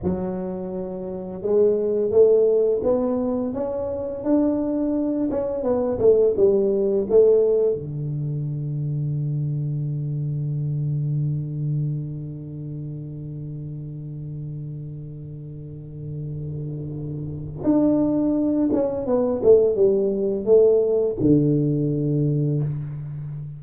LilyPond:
\new Staff \with { instrumentName = "tuba" } { \time 4/4 \tempo 4 = 85 fis2 gis4 a4 | b4 cis'4 d'4. cis'8 | b8 a8 g4 a4 d4~ | d1~ |
d1~ | d1~ | d4 d'4. cis'8 b8 a8 | g4 a4 d2 | }